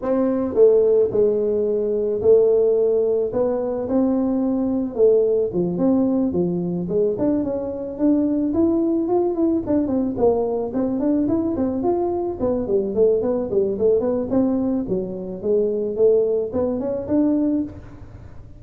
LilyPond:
\new Staff \with { instrumentName = "tuba" } { \time 4/4 \tempo 4 = 109 c'4 a4 gis2 | a2 b4 c'4~ | c'4 a4 f8 c'4 f8~ | f8 gis8 d'8 cis'4 d'4 e'8~ |
e'8 f'8 e'8 d'8 c'8 ais4 c'8 | d'8 e'8 c'8 f'4 b8 g8 a8 | b8 g8 a8 b8 c'4 fis4 | gis4 a4 b8 cis'8 d'4 | }